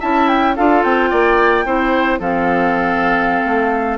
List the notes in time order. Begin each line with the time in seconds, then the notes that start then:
0.00 C#4 E4 E5 A5
0.28 G5
0.56 D4 F4 A4 F5
0.83 C4 G5
1.10 A#3 D5
1.65 C4 E4 C5
2.20 F3 C4 A4 F5
3.45 A3